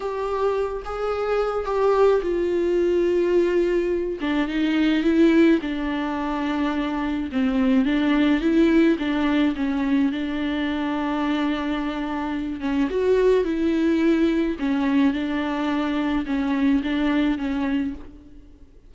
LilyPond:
\new Staff \with { instrumentName = "viola" } { \time 4/4 \tempo 4 = 107 g'4. gis'4. g'4 | f'2.~ f'8 d'8 | dis'4 e'4 d'2~ | d'4 c'4 d'4 e'4 |
d'4 cis'4 d'2~ | d'2~ d'8 cis'8 fis'4 | e'2 cis'4 d'4~ | d'4 cis'4 d'4 cis'4 | }